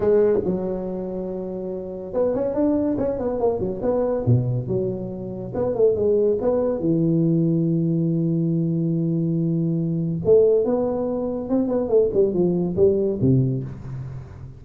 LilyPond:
\new Staff \with { instrumentName = "tuba" } { \time 4/4 \tempo 4 = 141 gis4 fis2.~ | fis4 b8 cis'8 d'4 cis'8 b8 | ais8 fis8 b4 b,4 fis4~ | fis4 b8 a8 gis4 b4 |
e1~ | e1 | a4 b2 c'8 b8 | a8 g8 f4 g4 c4 | }